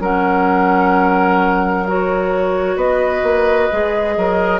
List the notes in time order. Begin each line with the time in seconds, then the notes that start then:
0.00 F#3 C#4 A#4 F#5
1.86 F#4 C#5
2.76 B3 B4 D#5
3.23 A#3
3.72 G#3 G#4
4.17 F#3 A#4